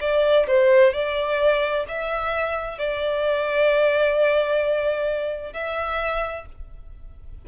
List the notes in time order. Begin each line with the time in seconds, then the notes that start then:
0.00 D5
0.47 C5
0.93 D5
1.88 E5
2.78 D5
5.53 E5